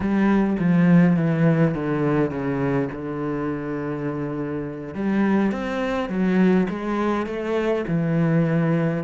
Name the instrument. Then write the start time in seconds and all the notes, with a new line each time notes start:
cello
0.00 G3
0.59 F3
1.16 E3
1.74 D3
2.30 C#3
2.92 D3
4.94 G3
5.51 C4
6.09 F#3
6.69 G#3
7.26 A3
7.87 E3